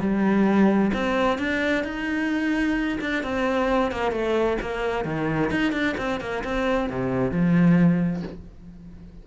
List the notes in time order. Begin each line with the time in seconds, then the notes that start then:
0.00 G3
0.94 C4
1.38 D4
1.84 D#4
3.01 D4
3.23 C4
3.92 A#3
4.12 A3
4.61 A#3
5.05 D#3
5.51 D#4
5.73 D4
5.98 C4
6.20 A#3
6.44 C4
6.90 C3
7.31 F3